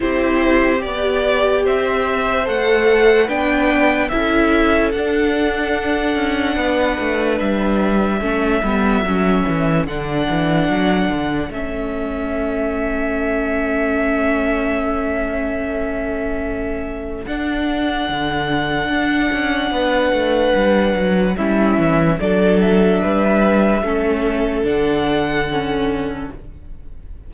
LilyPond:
<<
  \new Staff \with { instrumentName = "violin" } { \time 4/4 \tempo 4 = 73 c''4 d''4 e''4 fis''4 | g''4 e''4 fis''2~ | fis''4 e''2. | fis''2 e''2~ |
e''1~ | e''4 fis''2.~ | fis''2 e''4 d''8 e''8~ | e''2 fis''2 | }
  \new Staff \with { instrumentName = "violin" } { \time 4/4 g'2 c''2 | b'4 a'2. | b'2 a'2~ | a'1~ |
a'1~ | a'1 | b'2 e'4 a'4 | b'4 a'2. | }
  \new Staff \with { instrumentName = "viola" } { \time 4/4 e'4 g'2 a'4 | d'4 e'4 d'2~ | d'2 cis'8 b8 cis'4 | d'2 cis'2~ |
cis'1~ | cis'4 d'2.~ | d'2 cis'4 d'4~ | d'4 cis'4 d'4 cis'4 | }
  \new Staff \with { instrumentName = "cello" } { \time 4/4 c'4 b4 c'4 a4 | b4 cis'4 d'4. cis'8 | b8 a8 g4 a8 g8 fis8 e8 | d8 e8 fis8 d8 a2~ |
a1~ | a4 d'4 d4 d'8 cis'8 | b8 a8 g8 fis8 g8 e8 fis4 | g4 a4 d2 | }
>>